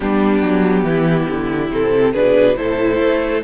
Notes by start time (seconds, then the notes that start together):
0.00 G3 B3 D4 G4
0.42 F#3
0.83 E3 E4
1.29 D3
1.70 C3 C4 A4
2.12 B2 D4 G#4 B4
2.56 A2 E4 A4 C5
3.00 A3